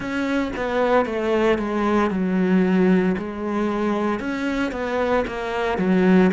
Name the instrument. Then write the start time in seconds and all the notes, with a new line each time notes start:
cello
0.00 C#4
0.56 B3
1.05 A3
1.58 G#3
2.10 F#3
3.17 G#3
4.19 C#4
4.71 B3
5.27 A#3
5.78 F#3